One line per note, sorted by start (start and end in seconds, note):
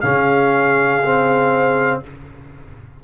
0.00 2.03 C#3
0.00 1.02 C#4
0.00 2.01 G#4
0.00 2.00 F5
1.03 2.03 C4